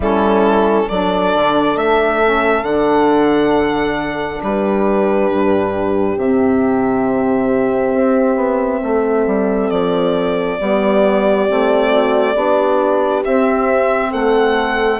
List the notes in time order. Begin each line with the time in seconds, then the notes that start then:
0.00 G3 C#4 E4 A4
0.88 F#3 D4 A4 D5
1.34 D3
1.76 A3 E5
2.22 C#4
2.62 D3 D4 F#5
4.42 G3 G4 B4
5.30 G2
6.16 C3 C4 E5
7.94 C4
8.35 B3
8.83 A3 A4
9.26 G3
9.70 F3 D5
10.59 G3 B3 G4
11.47 A3 C4
11.90 F#4
12.35 B3 D4 G4
13.24 C4 E5
14.10 A3 A4 F#5